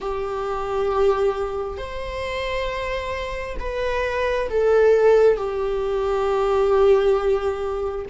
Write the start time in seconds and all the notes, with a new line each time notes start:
0.00 G4
1.77 C5
3.59 B4
4.49 A4
5.36 G4